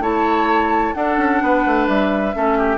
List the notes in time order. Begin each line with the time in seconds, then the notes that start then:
0.00 A3 E4 C#5 A5
0.94 D4 A4 F#5
1.18 C#4
1.42 B3 B4
1.67 A3
1.88 G3 E5
2.34 A3 C#4 A4
2.58 G4